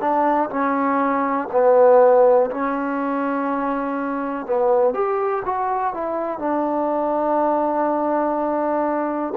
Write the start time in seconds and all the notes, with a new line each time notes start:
0.00 D4
0.50 C#4
1.52 B3
2.51 C#4
4.46 B3
4.94 G4
5.45 F#4
5.94 E4
6.38 D4